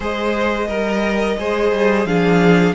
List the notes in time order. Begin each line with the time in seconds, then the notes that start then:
0.00 G#3 G#4 C5 D#5
0.67 G3 A#4
1.38 G#3 G#4 C5
1.71 G3
2.05 F3 D4 G#4 F5